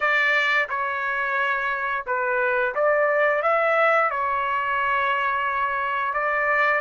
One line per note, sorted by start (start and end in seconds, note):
0.00 0.68 D5
0.68 2.05 C#5
2.06 2.74 B4
2.74 3.42 D5
3.42 4.10 E5
4.10 6.13 C#5
6.13 6.80 D5